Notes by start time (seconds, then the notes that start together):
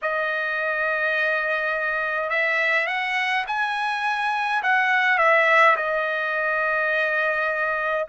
0.02 D#5
2.29 E5
2.86 F#5
3.47 G#5
4.63 F#5
5.18 E5
5.76 D#5